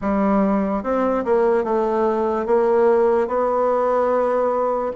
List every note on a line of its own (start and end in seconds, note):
0.01 0.83 G3
0.83 1.24 C4
1.24 1.64 A#3
1.64 2.45 A3
2.45 3.27 A#3
3.27 4.91 B3